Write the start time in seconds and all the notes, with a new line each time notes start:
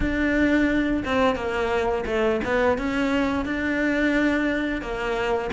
0.00 D4
1.04 C4
1.35 A#3
2.06 A3
2.44 B3
2.77 C#4
3.45 D4
4.81 A#3